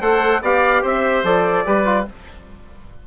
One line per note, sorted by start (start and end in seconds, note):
0.00 0.41 A3
0.00 0.42 A4
0.00 0.41 C5
0.00 0.42 F#5
0.41 0.82 B3
0.41 1.24 G4
0.41 0.82 D5
0.41 0.85 F5
0.82 1.23 C4
0.82 1.64 C5
0.82 1.24 E5
1.23 1.64 F3
1.23 1.65 A4
1.23 2.06 D5
1.65 2.07 G3
1.65 1.85 G4
1.65 2.06 B4
1.85 2.05 F4